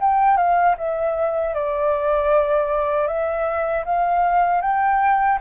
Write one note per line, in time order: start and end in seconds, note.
0.00 0.37 G5
0.37 0.75 F5
0.77 1.54 E5
1.54 3.07 D5
3.07 3.84 E5
3.85 4.62 F5
4.62 5.38 G5